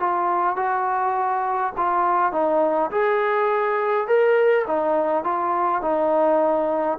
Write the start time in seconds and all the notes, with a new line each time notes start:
0.00 F4
0.57 F#4
1.77 F4
2.33 D#4
2.91 G#4
4.08 A#4
4.68 D#4
5.24 F4
5.82 D#4